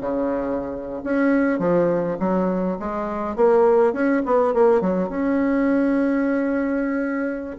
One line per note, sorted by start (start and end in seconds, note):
0.00 1.02 C#3
1.03 1.59 C#4
1.59 2.17 F3
2.19 2.77 F#3
2.79 3.35 G#3
3.35 3.93 A#3
3.93 4.22 C#4
4.25 4.54 B3
4.54 4.81 A#3
4.81 5.09 F#3
5.09 7.56 C#4